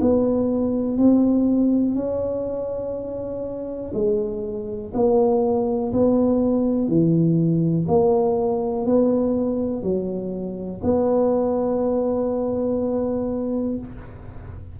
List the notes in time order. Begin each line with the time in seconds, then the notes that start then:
0.00 B3
0.97 C4
1.95 C#4
3.93 G#3
4.94 A#3
5.92 B3
6.88 E3
7.87 A#3
8.86 B3
9.82 F#3
10.83 B3